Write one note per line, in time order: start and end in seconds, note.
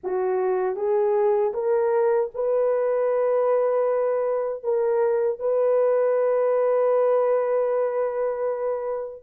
0.03 0.76 F#4
0.76 1.52 G#4
1.53 2.30 A#4
2.34 4.63 B4
4.63 5.38 A#4
5.38 9.23 B4